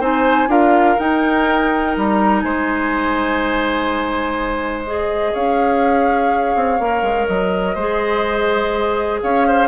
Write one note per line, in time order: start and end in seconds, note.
0.00 0.47 C4
0.00 0.48 D#4
0.00 0.48 C5
0.00 0.51 G#5
0.47 0.95 D4
0.47 0.96 F4
0.47 2.44 A#4
0.47 0.99 F5
0.99 4.86 D#4
0.99 1.96 D#4
0.99 1.95 G5
1.97 2.43 G3
1.97 2.41 A#5
2.41 5.33 G#3
2.41 5.32 C5
2.41 4.83 G#5
4.86 6.79 G#4
4.86 5.34 D#5
5.32 6.55 C#4
5.32 7.74 C#5
5.32 7.27 F5
6.55 6.79 C4
6.79 7.02 A#3
6.79 7.76 A#4
7.02 7.26 G#3
7.27 7.75 F#3
7.27 9.21 D#5
7.74 9.20 G#3
7.74 9.67 G#4
7.74 9.20 C5
9.22 9.67 C#4
9.22 9.47 C#5
9.22 9.67 F5
9.47 9.67 C5